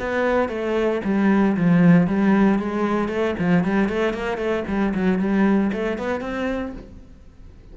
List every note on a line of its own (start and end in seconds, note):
0.00 0.49 B3
0.49 1.02 A3
1.05 1.57 G3
1.57 2.08 F3
2.08 2.59 G3
2.59 3.09 G#3
3.09 3.35 A3
3.39 3.65 F3
3.65 3.89 G3
3.89 4.14 A3
4.14 4.38 A#3
4.38 4.64 A3
4.68 4.94 G3
4.95 5.19 F#3
5.19 5.72 G3
5.73 5.98 A3
5.98 6.21 B3
6.21 6.73 C4